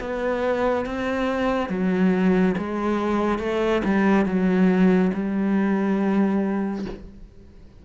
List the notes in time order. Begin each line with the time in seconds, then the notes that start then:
0.00 B3
0.85 C4
1.69 F#3
2.57 G#3
3.39 A3
3.84 G3
4.25 F#3
5.14 G3